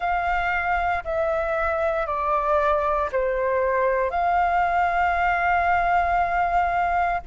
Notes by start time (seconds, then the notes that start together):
0.00 F5
1.04 E5
2.06 D5
3.12 C5
4.10 F5